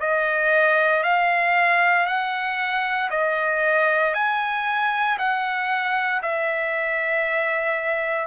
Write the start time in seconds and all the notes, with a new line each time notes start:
0.00 D#5
1.03 F5
2.06 F#5
3.11 D#5
4.14 G#5
5.19 F#5
6.23 E5